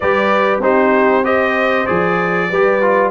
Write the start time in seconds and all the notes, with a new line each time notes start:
0.00 G3 G4 B4 D5
0.60 C4 D#4 G4 C5
1.23 G4 C5 D#5
1.86 F3 G#4 D5
2.49 G3 G4 B4
2.82 F4